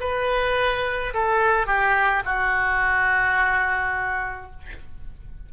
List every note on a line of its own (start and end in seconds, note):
0.00 1.13 B4
1.14 1.66 A4
1.66 2.23 G4
2.25 4.51 F#4